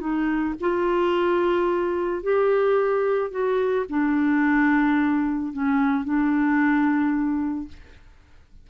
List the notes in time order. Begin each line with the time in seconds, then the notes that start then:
0.00 D#4
0.60 F4
2.23 G4
3.31 F#4
3.89 D4
5.53 C#4
6.04 D4